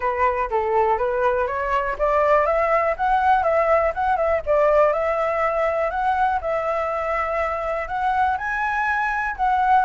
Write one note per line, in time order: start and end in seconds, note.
0.00 0.49 B4
0.50 0.98 A4
0.98 1.47 B4
1.47 1.96 C#5
1.98 2.46 D5
2.46 2.95 E5
2.96 3.43 F#5
3.43 3.92 E5
3.94 4.16 F#5
4.16 4.41 E5
4.46 4.92 D5
4.92 5.90 E5
5.90 6.39 F#5
6.41 7.88 E5
7.88 8.37 F#5
8.37 9.36 G#5
9.36 9.85 F#5